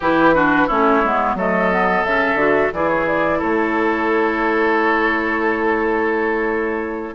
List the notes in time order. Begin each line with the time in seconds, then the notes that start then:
0.00 E3 E4 G4 B4
0.34 D4 F#4
0.67 A3 C#4 E4 C#5
1.04 G#3 B3
1.35 F#3 A3 A4 D#5
1.71 B3
2.04 C#3 C#4 E5
2.34 D3 F#4
2.72 E3 E4 G#4 D5
2.88 C#5
3.07 D5
3.38 A3 A4 C#5